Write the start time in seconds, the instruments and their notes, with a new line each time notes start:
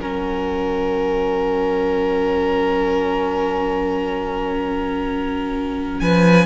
0.00 cello F#3, viola C#4, violin A#4 F#5
6.00 cello F3, violin B4 G#5